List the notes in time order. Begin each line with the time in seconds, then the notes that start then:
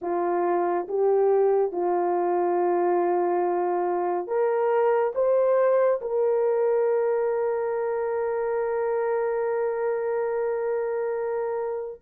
0.01 F4
0.88 G4
1.71 F4
4.27 A#4
5.14 C5
6.01 A#4